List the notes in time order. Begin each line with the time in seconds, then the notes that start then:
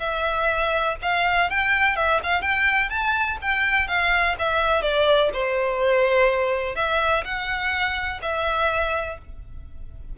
0.00 E5
1.02 F5
1.50 G5
1.97 E5
2.24 F5
2.42 G5
2.90 A5
3.42 G5
3.88 F5
4.39 E5
4.82 D5
5.34 C5
6.76 E5
7.25 F#5
8.22 E5